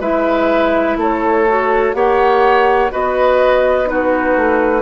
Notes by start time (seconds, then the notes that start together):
0.00 G#3 E4 B4 E5
0.97 A3 A4 C#5
1.48 F#4
1.94 A#3 G4 C#5 F#5
2.91 B3 F#4 B4 D#5
3.85 D#4 F#4 B4
4.36 A3